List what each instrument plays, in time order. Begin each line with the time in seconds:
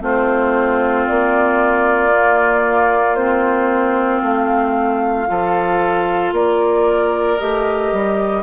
0.00 bassoon A3, clarinet C4, oboe F4, flute C5
1.07 bassoon A#3, flute D5
2.12 clarinet A#3
3.15 clarinet C4, flute C5
4.22 bassoon A3, flute F5
5.27 bassoon F3, clarinet F4, oboe A4
6.32 bassoon A#3, oboe A#4, flute D5
7.38 bassoon A3, clarinet G4, flute D#5
7.92 bassoon G3